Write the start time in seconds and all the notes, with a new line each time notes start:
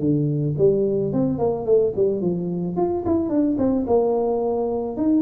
0.00 D3
0.59 G3
1.13 C4
1.39 A#3
1.66 A3
1.96 G3
2.21 F3
2.77 F4
3.06 E4
3.30 D4
3.58 C4
3.87 A#3
4.97 D#4